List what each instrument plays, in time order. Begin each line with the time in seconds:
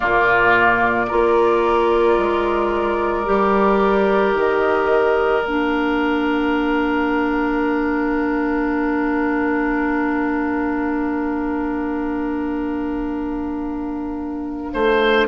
0.00 bassoon A#2, clarinet A#3, oboe F4, flute D5
1.07 bassoon A#3, clarinet F4, oboe A#4
2.17 bassoon G#3
3.25 bassoon G3, clarinet G4
4.34 bassoon D#3, flute D#5
5.43 bassoon A#3, clarinet D4, flute F5
14.73 bassoon A3, oboe C5